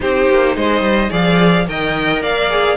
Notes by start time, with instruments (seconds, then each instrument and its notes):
0.00 cello C4, viola D#4, violin G4 C5
0.29 cello A#3
0.55 cello G#3, violin C5 D#5
0.80 cello G3
1.10 cello F3, viola G#4, violin D5 F5
1.67 cello D#3, viola A#4, violin D#5 G5
2.22 cello A#3, violin D5 F5
2.50 viola G#4